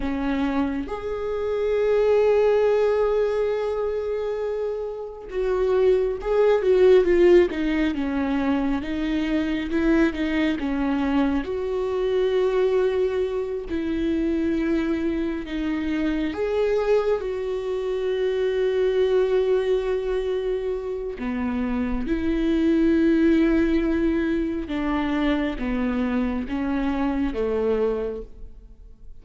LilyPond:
\new Staff \with { instrumentName = "viola" } { \time 4/4 \tempo 4 = 68 cis'4 gis'2.~ | gis'2 fis'4 gis'8 fis'8 | f'8 dis'8 cis'4 dis'4 e'8 dis'8 | cis'4 fis'2~ fis'8 e'8~ |
e'4. dis'4 gis'4 fis'8~ | fis'1 | b4 e'2. | d'4 b4 cis'4 a4 | }